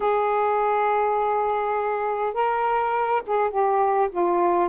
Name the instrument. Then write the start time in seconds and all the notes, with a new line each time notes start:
saxophone
0.00 G#4
2.33 A#4
3.26 G#4
3.50 G4
4.11 F4